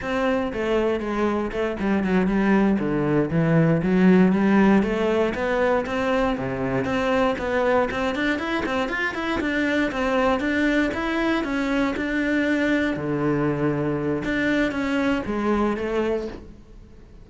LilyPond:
\new Staff \with { instrumentName = "cello" } { \time 4/4 \tempo 4 = 118 c'4 a4 gis4 a8 g8 | fis8 g4 d4 e4 fis8~ | fis8 g4 a4 b4 c'8~ | c'8 c4 c'4 b4 c'8 |
d'8 e'8 c'8 f'8 e'8 d'4 c'8~ | c'8 d'4 e'4 cis'4 d'8~ | d'4. d2~ d8 | d'4 cis'4 gis4 a4 | }